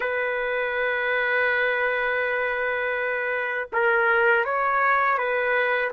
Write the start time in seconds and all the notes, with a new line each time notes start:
0.00 B4
3.72 A#4
4.44 C#5
5.18 B4